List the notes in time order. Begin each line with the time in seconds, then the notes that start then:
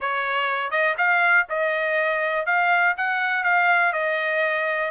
0.00 C#5
0.70 D#5
0.97 F5
1.49 D#5
2.46 F5
2.97 F#5
3.43 F5
3.92 D#5